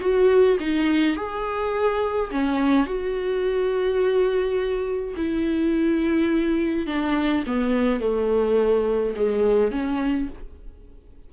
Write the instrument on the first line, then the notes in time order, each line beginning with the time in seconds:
viola
0.00 F#4
0.60 D#4
1.16 G#4
2.31 C#4
2.86 F#4
5.17 E4
6.86 D4
7.46 B3
8.00 A3
9.16 G#3
9.71 C#4